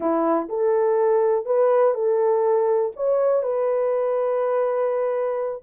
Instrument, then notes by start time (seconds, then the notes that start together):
horn
0.00 E4
0.48 A4
1.45 B4
1.94 A4
2.95 C#5
3.42 B4